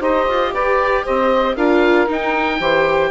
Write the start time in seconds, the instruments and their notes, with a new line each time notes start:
0.00 bassoon D#4, viola G4, saxophone C5, oboe D#5
0.29 bassoon F4
0.53 bassoon G4, saxophone B4, oboe D5
1.04 bassoon C4, saxophone C5, oboe D#5
1.56 bassoon D4, viola F4, saxophone A#4, oboe F5
2.08 viola D#4, bassoon D#4, oboe G5
2.60 bassoon E3, viola G4, saxophone C5